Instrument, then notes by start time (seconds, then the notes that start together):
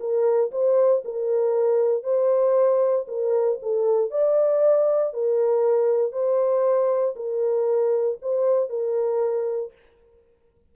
horn
0.00 A#4
0.52 C5
1.05 A#4
2.03 C5
3.08 A#4
3.62 A4
4.11 D5
5.14 A#4
6.13 C5
7.16 A#4
8.22 C5
8.70 A#4